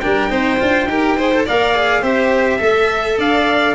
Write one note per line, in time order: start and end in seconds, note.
0.00 0.31 G3
0.00 0.30 D4
0.00 0.31 A#4
0.00 1.44 G5
0.30 0.60 C4
0.30 0.59 D#4
0.30 0.88 C5
0.59 0.87 D4
0.59 0.88 F4
0.87 1.45 D#4
0.87 1.18 G4
0.87 1.17 A#4
1.17 1.33 G#4
1.17 1.46 C5
1.33 1.47 A4
1.46 2.03 A#3
1.46 1.76 A#4
1.46 2.02 D5
1.46 2.04 F5
1.76 2.03 G#4
2.02 2.60 C4
2.02 2.59 G4
2.02 2.59 C5
2.02 3.20 E5
2.59 3.18 A3
2.59 3.75 A4
2.59 3.19 E5
3.18 3.75 D4
3.18 3.75 D5
3.18 3.75 F5